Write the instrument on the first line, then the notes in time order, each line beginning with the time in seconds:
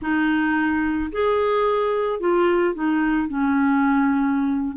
clarinet
0.01 D#4
1.12 G#4
2.20 F4
2.74 D#4
3.28 C#4